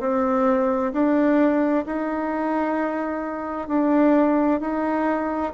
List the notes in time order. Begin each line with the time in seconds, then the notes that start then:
0.00 C4
0.93 D4
1.86 D#4
3.68 D4
4.60 D#4